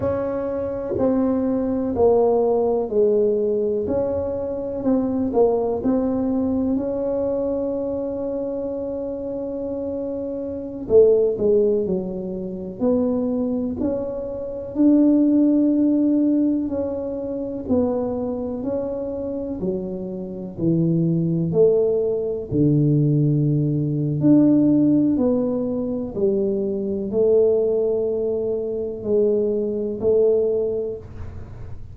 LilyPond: \new Staff \with { instrumentName = "tuba" } { \time 4/4 \tempo 4 = 62 cis'4 c'4 ais4 gis4 | cis'4 c'8 ais8 c'4 cis'4~ | cis'2.~ cis'16 a8 gis16~ | gis16 fis4 b4 cis'4 d'8.~ |
d'4~ d'16 cis'4 b4 cis'8.~ | cis'16 fis4 e4 a4 d8.~ | d4 d'4 b4 g4 | a2 gis4 a4 | }